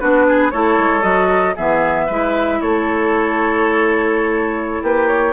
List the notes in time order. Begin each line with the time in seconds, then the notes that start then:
0.00 B3 D4 F#4 B4
0.28 G#4
0.51 A3 E4 A4 C#5
0.78 G#3
1.01 F#3 F#4 D#5
1.55 E3 B3 G#4 E5
2.06 G#3 E4 B4
2.61 A3 A4 C#5
4.82 A#3 G4 B4
5.08 C#5